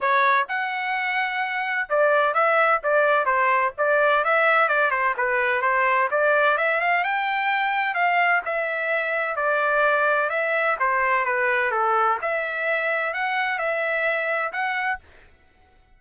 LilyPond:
\new Staff \with { instrumentName = "trumpet" } { \time 4/4 \tempo 4 = 128 cis''4 fis''2. | d''4 e''4 d''4 c''4 | d''4 e''4 d''8 c''8 b'4 | c''4 d''4 e''8 f''8 g''4~ |
g''4 f''4 e''2 | d''2 e''4 c''4 | b'4 a'4 e''2 | fis''4 e''2 fis''4 | }